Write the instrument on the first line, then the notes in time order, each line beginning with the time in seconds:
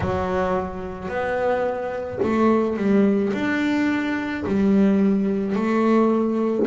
double bass
0.00 F#3
1.08 B3
2.22 A3
2.76 G3
3.33 D4
4.46 G3
5.56 A3